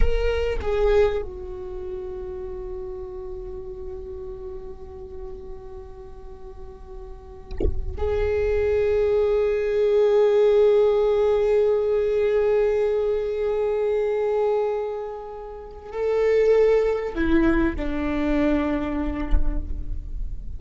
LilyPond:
\new Staff \with { instrumentName = "viola" } { \time 4/4 \tempo 4 = 98 ais'4 gis'4 fis'2~ | fis'1~ | fis'1~ | fis'4 gis'2.~ |
gis'1~ | gis'1~ | gis'2 a'2 | e'4 d'2. | }